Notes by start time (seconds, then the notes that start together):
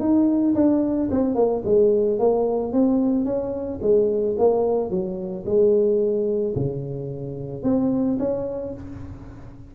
0.00 D#4
0.55 D4
1.11 C4
1.35 A#3
1.65 G#3
2.19 A#3
2.73 C4
3.25 C#4
3.82 G#3
4.38 A#3
4.90 F#3
5.46 G#3
6.56 C#3
7.63 C4
8.19 C#4